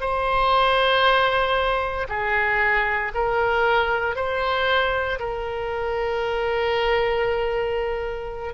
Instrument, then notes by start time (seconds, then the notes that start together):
oboe
0.00 C5
2.08 G#4
3.14 A#4
4.15 C5
5.19 A#4